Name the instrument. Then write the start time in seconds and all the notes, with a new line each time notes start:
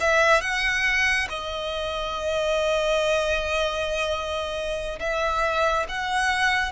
violin
0.00 E5
0.41 F#5
1.30 D#5
4.99 E5
5.89 F#5